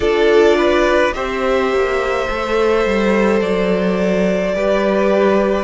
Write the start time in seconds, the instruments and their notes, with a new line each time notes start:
0.00 cello D4, viola F4, violin A4 D5
0.57 violin B4
1.13 cello C4, viola G4, violin C5 E5
1.71 cello A#3
2.29 cello A3, viola A4
2.85 cello G3
3.41 cello F#3, violin D5
4.54 cello G3, viola G4, violin B4